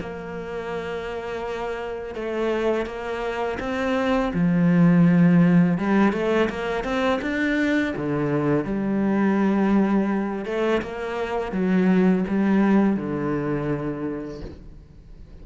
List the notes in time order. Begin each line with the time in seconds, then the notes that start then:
0.00 A#3
2.15 A3
2.86 A#3
3.59 C4
4.33 F3
5.78 G3
6.12 A3
6.49 A#3
6.84 C4
7.22 D4
7.96 D3
8.65 G3
10.45 A3
10.82 A#3
11.52 F#3
12.28 G3
12.96 D3